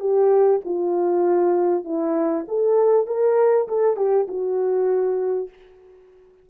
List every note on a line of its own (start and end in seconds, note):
0.00 0.61 G4
0.65 1.85 F4
1.85 2.45 E4
2.48 3.07 A4
3.07 3.68 A#4
3.68 3.97 A4
3.97 4.27 G4
4.28 5.49 F#4